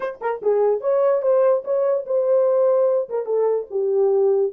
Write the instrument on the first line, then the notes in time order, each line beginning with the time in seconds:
horn
0.00 C5
0.21 A#4
0.41 G#4
0.80 C#5
1.22 C5
1.64 C#5
2.05 C5
3.09 A#4
3.25 A4
3.70 G4